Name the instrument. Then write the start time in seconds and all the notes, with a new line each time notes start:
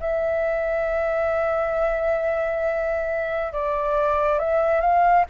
flute
0.00 E5
3.53 D5
4.39 E5
4.81 F5